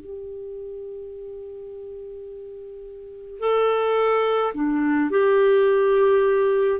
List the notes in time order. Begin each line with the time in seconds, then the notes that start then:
0.00 G4
3.39 A4
4.54 D4
5.10 G4